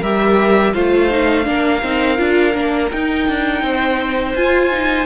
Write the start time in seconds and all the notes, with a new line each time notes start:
0.00 G3 G4 A#4 E5
0.73 A3 F4 C5 F5
1.10 D#4
1.43 A#3 D4
1.49 A#4
1.82 C4 D#4
2.16 D4 F4
2.53 A#3 D4
2.91 D#4 G5
3.28 D4
3.62 C4 C5
4.34 F4 G#5
4.71 D#4